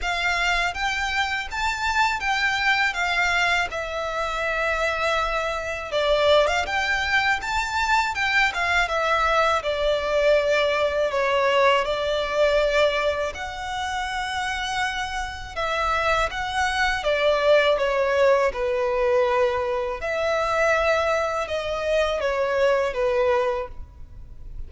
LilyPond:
\new Staff \with { instrumentName = "violin" } { \time 4/4 \tempo 4 = 81 f''4 g''4 a''4 g''4 | f''4 e''2. | d''8. f''16 g''4 a''4 g''8 f''8 | e''4 d''2 cis''4 |
d''2 fis''2~ | fis''4 e''4 fis''4 d''4 | cis''4 b'2 e''4~ | e''4 dis''4 cis''4 b'4 | }